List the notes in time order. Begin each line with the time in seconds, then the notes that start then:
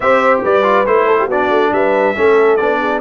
0.00 C4 G4 C5 E5
0.43 G3 B4 D5
0.62 F4
0.86 A3 E4 C5
1.06 A4
1.18 G4
1.27 B3 D4 F#4 D5
1.49 A3
1.72 G3 B4 E5
2.15 A3 C#4 A4
2.56 B3 D4 D5
2.80 G#4